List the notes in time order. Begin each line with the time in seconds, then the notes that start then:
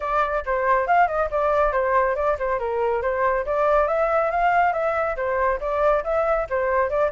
0.00 D5
0.45 C5
0.87 F5
1.07 D#5
1.30 D5
1.72 C5
2.15 D5
2.38 C5
2.59 A#4
3.02 C5
3.45 D5
3.87 E5
4.30 F5
4.72 E5
5.16 C5
5.60 D5
6.04 E5
6.49 C5
6.89 D5